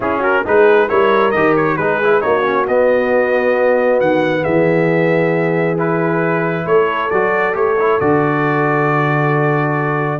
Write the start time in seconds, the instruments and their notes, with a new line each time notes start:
0.00 tuba C#4, trombone C#4, horn E4, trumpet G#4
0.19 horn F#4, trumpet A#4
0.45 tuba G#3, trombone D#4, horn G#4, trumpet B4
0.88 tuba G3, trombone E4, horn A#4, trumpet C#5
1.31 tuba D#3, trombone G4, trumpet D#5
1.56 trumpet C#5
1.77 tuba G#3, trombone D#4, horn G#4, trumpet B4
2.03 trombone E4
2.21 tuba A#3, trombone D#4, horn F#4, trumpet C#5
2.43 trombone C#4
2.67 tuba B3, trombone B3, trumpet D#5
4.00 tuba D#3, trumpet F#5
4.42 tuba E3, horn G#4, trumpet E5
5.77 trombone E4, trumpet B4
6.65 tuba A3, horn A4, trumpet C#5
7.10 tuba F#3, trombone F#4, trumpet D5
7.53 tuba A3, trombone G4, trumpet C#5
7.79 trombone E4
8.00 tuba D3, trombone F#4, trumpet D5